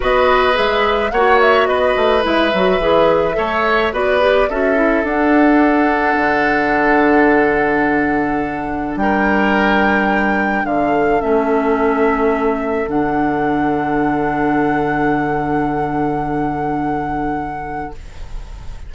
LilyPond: <<
  \new Staff \with { instrumentName = "flute" } { \time 4/4 \tempo 4 = 107 dis''4 e''4 fis''8 e''8 dis''4 | e''2. d''4 | e''4 fis''2.~ | fis''1 |
g''2. f''4 | e''2. fis''4~ | fis''1~ | fis''1 | }
  \new Staff \with { instrumentName = "oboe" } { \time 4/4 b'2 cis''4 b'4~ | b'2 cis''4 b'4 | a'1~ | a'1 |
ais'2. a'4~ | a'1~ | a'1~ | a'1 | }
  \new Staff \with { instrumentName = "clarinet" } { \time 4/4 fis'4 gis'4 fis'2 | e'8 fis'8 gis'4 a'4 fis'8 g'8 | fis'8 e'8 d'2.~ | d'1~ |
d'1 | cis'2. d'4~ | d'1~ | d'1 | }
  \new Staff \with { instrumentName = "bassoon" } { \time 4/4 b4 gis4 ais4 b8 a8 | gis8 fis8 e4 a4 b4 | cis'4 d'2 d4~ | d1 |
g2. d4 | a2. d4~ | d1~ | d1 | }
>>